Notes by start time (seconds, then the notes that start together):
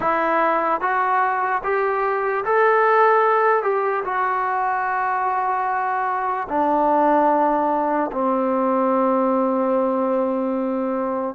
0.00 E4
0.80 F#4
1.63 G4
2.44 A4
3.63 G4
4.04 F#4
6.48 D4
8.12 C4